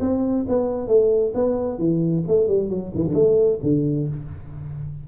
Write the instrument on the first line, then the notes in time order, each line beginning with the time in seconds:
tuba
0.00 C4
0.48 B3
0.87 A3
1.34 B3
1.78 E3
2.27 A3
2.47 G3
2.69 F#3
2.94 E3
3.07 D3
3.14 A3
3.63 D3